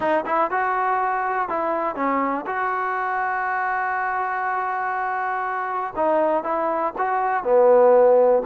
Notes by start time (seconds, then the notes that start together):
0.00 D#4
0.26 E4
0.50 F#4
1.48 E4
1.95 C#4
2.46 F#4
5.95 D#4
6.43 E4
6.97 F#4
7.43 B3